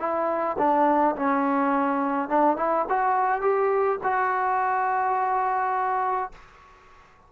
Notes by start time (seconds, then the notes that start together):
0.00 E4
0.59 D4
1.16 C#4
2.30 D4
2.57 E4
2.89 F#4
3.42 G4
4.04 F#4